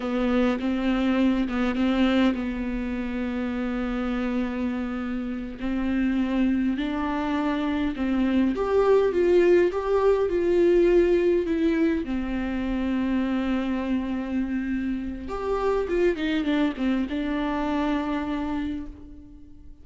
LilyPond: \new Staff \with { instrumentName = "viola" } { \time 4/4 \tempo 4 = 102 b4 c'4. b8 c'4 | b1~ | b4. c'2 d'8~ | d'4. c'4 g'4 f'8~ |
f'8 g'4 f'2 e'8~ | e'8 c'2.~ c'8~ | c'2 g'4 f'8 dis'8 | d'8 c'8 d'2. | }